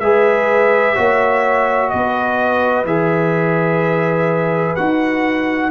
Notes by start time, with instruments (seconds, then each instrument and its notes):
0.00 tuba G#3, trombone G#4, horn B4, trumpet E5
0.96 tuba A#3, trombone F#4, horn C#5
1.90 tuba B3, horn B4, trumpet D#5
2.85 tuba E3, trombone G#4, trumpet E5
4.76 tuba D#4, trombone F#4, trumpet F#5